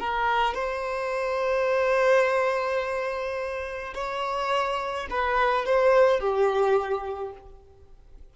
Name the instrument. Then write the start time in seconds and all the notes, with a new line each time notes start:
violin
0.00 A#4
0.55 C5
3.94 C#5
5.11 B4
5.66 C5
6.20 G4